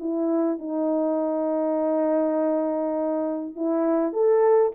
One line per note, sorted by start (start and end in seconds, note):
0.00 0.59 E4
0.59 3.56 D#4
3.56 4.13 E4
4.13 4.73 A4